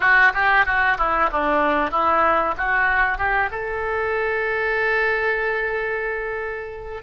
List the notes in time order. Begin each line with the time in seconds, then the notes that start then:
0.00 F#4
0.34 G4
0.65 F#4
0.97 E4
1.31 D4
1.91 E4
2.57 F#4
3.17 G4
3.51 A4